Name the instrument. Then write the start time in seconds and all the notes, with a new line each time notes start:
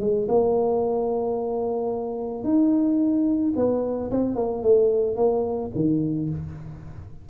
tuba
0.00 G#3
0.28 A#3
2.44 D#4
3.56 B3
4.11 C4
4.35 A#3
4.63 A3
5.16 A#3
5.75 D#3